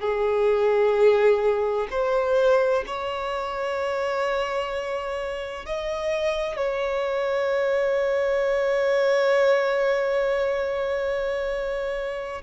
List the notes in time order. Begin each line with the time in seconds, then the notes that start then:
0.00 G#4
1.90 C5
2.86 C#5
5.65 D#5
6.56 C#5